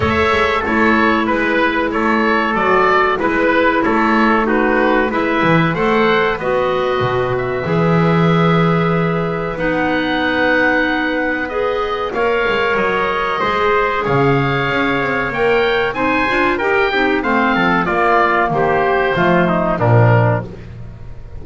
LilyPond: <<
  \new Staff \with { instrumentName = "oboe" } { \time 4/4 \tempo 4 = 94 e''4 cis''4 b'4 cis''4 | d''4 b'4 cis''4 b'4 | e''4 fis''4 dis''4. e''8~ | e''2. fis''4~ |
fis''2 dis''4 f''4 | dis''2 f''2 | g''4 gis''4 g''4 f''4 | d''4 c''2 ais'4 | }
  \new Staff \with { instrumentName = "trumpet" } { \time 4/4 cis''4 a'4 b'4 a'4~ | a'4 b'4 a'4 fis'4 | b'4 c''4 b'2~ | b'1~ |
b'2. cis''4~ | cis''4 c''4 cis''2~ | cis''4 c''4 ais'8 g'8 c''8 a'8 | f'4 g'4 f'8 dis'8 d'4 | }
  \new Staff \with { instrumentName = "clarinet" } { \time 4/4 a'4 e'2. | fis'4 e'2 dis'4 | e'4 a'4 fis'2 | gis'2. dis'4~ |
dis'2 gis'4 ais'4~ | ais'4 gis'2. | ais'4 dis'8 f'8 g'8 dis'8 c'4 | ais2 a4 f4 | }
  \new Staff \with { instrumentName = "double bass" } { \time 4/4 a8 gis8 a4 gis4 a4 | fis4 gis4 a2 | gis8 e8 a4 b4 b,4 | e2. b4~ |
b2. ais8 gis8 | fis4 gis4 cis4 cis'8 c'8 | ais4 c'8 d'8 dis'8 c'8 a8 f8 | ais4 dis4 f4 ais,4 | }
>>